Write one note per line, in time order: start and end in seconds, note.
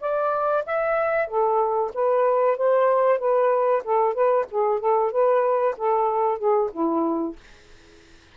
0.00 0.64 D5
0.66 1.27 E5
1.27 1.91 A4
1.94 2.57 B4
2.57 3.19 C5
3.19 3.82 B4
3.84 4.13 A4
4.13 4.45 B4
4.51 4.79 G#4
4.79 5.11 A4
5.11 5.75 B4
5.77 6.38 A4
6.38 6.70 G#4
6.72 7.35 E4